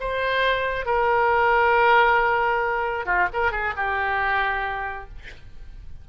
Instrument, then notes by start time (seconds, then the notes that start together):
oboe
0.00 C5
0.86 A#4
3.06 F4
3.33 A#4
3.52 G#4
3.76 G4